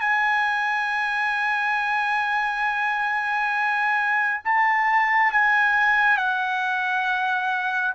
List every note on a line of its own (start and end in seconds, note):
0.00 4.41 G#5
4.44 5.32 A5
5.32 6.17 G#5
6.17 7.93 F#5